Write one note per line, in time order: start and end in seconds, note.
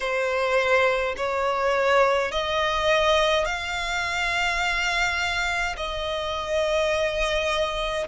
0.00 1.15 C5
1.16 2.31 C#5
2.31 3.45 D#5
3.45 5.75 F5
5.76 8.07 D#5